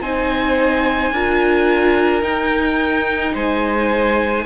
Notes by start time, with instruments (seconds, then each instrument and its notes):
0.00 cello C4, viola D#4, violin C5 G#5
1.11 cello D4, viola F4, violin A#4
2.22 viola D#4, cello D#4, violin G5
3.33 cello G#3, violin C5 G#5